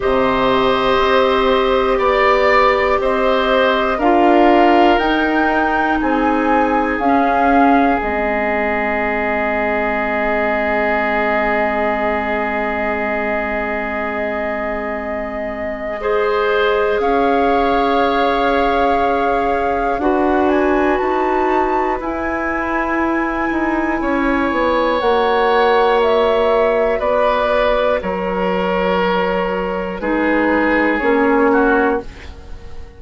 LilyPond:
<<
  \new Staff \with { instrumentName = "flute" } { \time 4/4 \tempo 4 = 60 dis''2 d''4 dis''4 | f''4 g''4 gis''4 f''4 | dis''1~ | dis''1~ |
dis''4 f''2. | fis''8 gis''8 a''4 gis''2~ | gis''4 fis''4 e''4 d''4 | cis''2 b'4 cis''4 | }
  \new Staff \with { instrumentName = "oboe" } { \time 4/4 c''2 d''4 c''4 | ais'2 gis'2~ | gis'1~ | gis'1 |
c''4 cis''2. | b'1 | cis''2. b'4 | ais'2 gis'4. fis'8 | }
  \new Staff \with { instrumentName = "clarinet" } { \time 4/4 g'1 | f'4 dis'2 cis'4 | c'1~ | c'1 |
gis'1 | fis'2 e'2~ | e'4 fis'2.~ | fis'2 dis'4 cis'4 | }
  \new Staff \with { instrumentName = "bassoon" } { \time 4/4 c4 c'4 b4 c'4 | d'4 dis'4 c'4 cis'4 | gis1~ | gis1~ |
gis4 cis'2. | d'4 dis'4 e'4. dis'8 | cis'8 b8 ais2 b4 | fis2 gis4 ais4 | }
>>